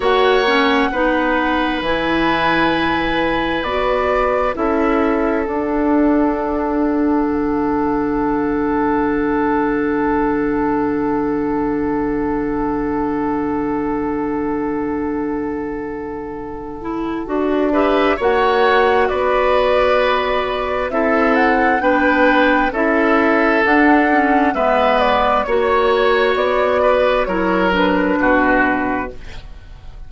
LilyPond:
<<
  \new Staff \with { instrumentName = "flute" } { \time 4/4 \tempo 4 = 66 fis''2 gis''2 | d''4 e''4 fis''2~ | fis''1~ | fis''1~ |
fis''2.~ fis''8 e''8 | fis''4 d''2 e''8 fis''8 | g''4 e''4 fis''4 e''8 d''8 | cis''4 d''4 cis''8 b'4. | }
  \new Staff \with { instrumentName = "oboe" } { \time 4/4 cis''4 b'2.~ | b'4 a'2.~ | a'1~ | a'1~ |
a'2.~ a'8 b'8 | cis''4 b'2 a'4 | b'4 a'2 b'4 | cis''4. b'8 ais'4 fis'4 | }
  \new Staff \with { instrumentName = "clarinet" } { \time 4/4 fis'8 cis'8 dis'4 e'2 | fis'4 e'4 d'2~ | d'1~ | d'1~ |
d'2~ d'8 e'8 fis'8 g'8 | fis'2. e'4 | d'4 e'4 d'8 cis'8 b4 | fis'2 e'8 d'4. | }
  \new Staff \with { instrumentName = "bassoon" } { \time 4/4 ais4 b4 e2 | b4 cis'4 d'2 | d1~ | d1~ |
d2. d'4 | ais4 b2 c'4 | b4 cis'4 d'4 gis4 | ais4 b4 fis4 b,4 | }
>>